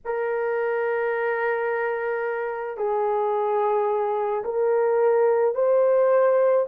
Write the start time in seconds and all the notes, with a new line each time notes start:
0.05 A#4
2.77 G#4
4.44 A#4
5.55 C5